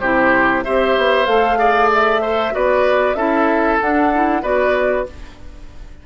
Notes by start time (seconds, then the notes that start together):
0.00 C3 E4 G4 C5
0.64 C4 G4 C5 E5
0.97 B3
1.26 A3 A4 F5
1.57 G#4 D5
1.93 E5
2.22 A4 C5
2.52 B3 F#4 B4 D5
3.14 C#4 E4 A4 E5
3.81 D4 F#5
4.14 E4
4.42 B3 F#4 B4 D5